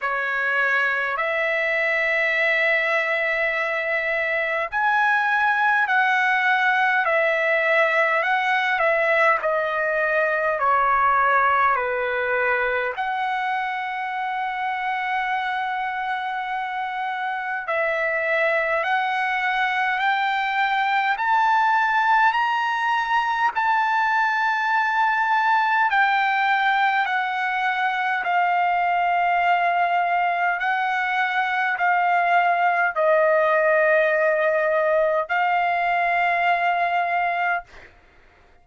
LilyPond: \new Staff \with { instrumentName = "trumpet" } { \time 4/4 \tempo 4 = 51 cis''4 e''2. | gis''4 fis''4 e''4 fis''8 e''8 | dis''4 cis''4 b'4 fis''4~ | fis''2. e''4 |
fis''4 g''4 a''4 ais''4 | a''2 g''4 fis''4 | f''2 fis''4 f''4 | dis''2 f''2 | }